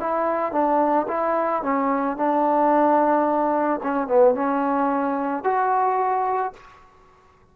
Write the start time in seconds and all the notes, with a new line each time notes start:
0.00 E4
0.52 D4
1.08 E4
1.63 C#4
2.17 D4
3.83 C#4
4.08 B3
4.35 C#4
5.44 F#4